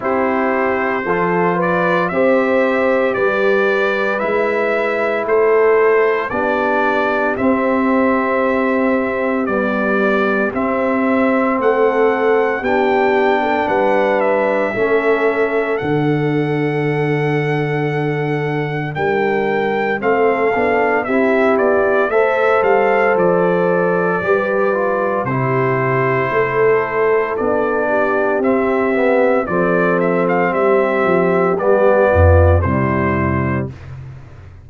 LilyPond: <<
  \new Staff \with { instrumentName = "trumpet" } { \time 4/4 \tempo 4 = 57 c''4. d''8 e''4 d''4 | e''4 c''4 d''4 e''4~ | e''4 d''4 e''4 fis''4 | g''4 fis''8 e''4. fis''4~ |
fis''2 g''4 f''4 | e''8 d''8 e''8 f''8 d''2 | c''2 d''4 e''4 | d''8 e''16 f''16 e''4 d''4 c''4 | }
  \new Staff \with { instrumentName = "horn" } { \time 4/4 g'4 a'8 b'8 c''4 b'4~ | b'4 a'4 g'2~ | g'2. a'4 | g'8. a'16 b'4 a'2~ |
a'2 ais'4 a'4 | g'4 c''2 b'4 | g'4 a'4. g'4. | a'4 g'4. f'8 e'4 | }
  \new Staff \with { instrumentName = "trombone" } { \time 4/4 e'4 f'4 g'2 | e'2 d'4 c'4~ | c'4 g4 c'2 | d'2 cis'4 d'4~ |
d'2. c'8 d'8 | e'4 a'2 g'8 f'8 | e'2 d'4 c'8 b8 | c'2 b4 g4 | }
  \new Staff \with { instrumentName = "tuba" } { \time 4/4 c'4 f4 c'4 g4 | gis4 a4 b4 c'4~ | c'4 b4 c'4 a4 | b4 g4 a4 d4~ |
d2 g4 a8 b8 | c'8 b8 a8 g8 f4 g4 | c4 a4 b4 c'4 | f4 g8 f8 g8 f,8 c4 | }
>>